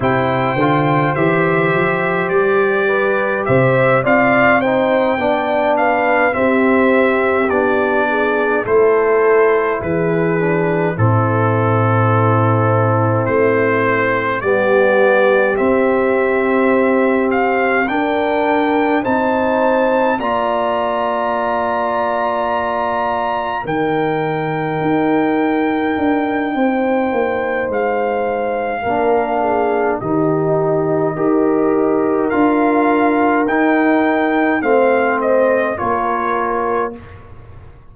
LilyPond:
<<
  \new Staff \with { instrumentName = "trumpet" } { \time 4/4 \tempo 4 = 52 g''4 e''4 d''4 e''8 f''8 | g''4 f''8 e''4 d''4 c''8~ | c''8 b'4 a'2 c''8~ | c''8 d''4 e''4. f''8 g''8~ |
g''8 a''4 ais''2~ ais''8~ | ais''8 g''2.~ g''8 | f''2 dis''2 | f''4 g''4 f''8 dis''8 cis''4 | }
  \new Staff \with { instrumentName = "horn" } { \time 4/4 c''2~ c''8 b'8 c''8 d''8 | c''8 d''8 b'8 g'4. gis'8 a'8~ | a'8 gis'4 e'2~ e'8~ | e'8 g'2. ais'8~ |
ais'8 c''4 d''2~ d''8~ | d''8 ais'2~ ais'8 c''4~ | c''4 ais'8 gis'8 g'4 ais'4~ | ais'2 c''4 ais'4 | }
  \new Staff \with { instrumentName = "trombone" } { \time 4/4 e'8 f'8 g'2~ g'8 f'8 | dis'8 d'4 c'4 d'4 e'8~ | e'4 d'8 c'2~ c'8~ | c'8 b4 c'2 d'8~ |
d'8 dis'4 f'2~ f'8~ | f'8 dis'2.~ dis'8~ | dis'4 d'4 dis'4 g'4 | f'4 dis'4 c'4 f'4 | }
  \new Staff \with { instrumentName = "tuba" } { \time 4/4 c8 d8 e8 f8 g4 c8 c'8~ | c'8 b4 c'4 b4 a8~ | a8 e4 a,2 a8~ | a8 g4 c'2 d'8~ |
d'8 c'4 ais2~ ais8~ | ais8 dis4 dis'4 d'8 c'8 ais8 | gis4 ais4 dis4 dis'4 | d'4 dis'4 a4 ais4 | }
>>